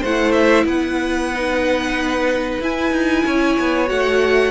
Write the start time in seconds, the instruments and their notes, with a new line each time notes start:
0.00 cello A3, viola E4, violin C5 F#5
0.32 violin E5
0.64 cello B3, violin B4 F#5
1.34 viola D#4
2.60 cello E4, viola E4, violin G#5
2.92 cello D#4
3.25 cello C#4, violin C#5
3.59 cello B3
3.86 cello A3, viola F#4, violin F#5